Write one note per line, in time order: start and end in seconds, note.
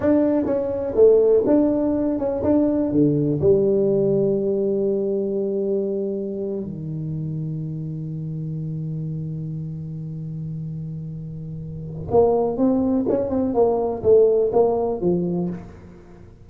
0.00 0.45 D4
0.45 0.93 C#4
0.95 1.43 A3
1.46 2.18 D4
2.18 2.42 C#4
2.43 2.91 D4
2.91 3.40 D3
3.40 6.63 G3
6.63 12.07 D#3
12.10 12.57 A#3
12.57 13.05 C4
13.09 13.29 C#4
13.29 13.54 C4
13.54 14.02 A#3
14.02 14.51 A3
14.52 15.00 A#3
15.00 15.49 F3